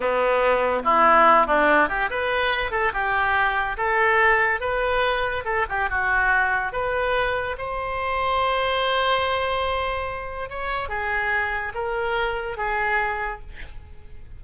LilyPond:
\new Staff \with { instrumentName = "oboe" } { \time 4/4 \tempo 4 = 143 b2 e'4. d'8~ | d'8 g'8 b'4. a'8 g'4~ | g'4 a'2 b'4~ | b'4 a'8 g'8 fis'2 |
b'2 c''2~ | c''1~ | c''4 cis''4 gis'2 | ais'2 gis'2 | }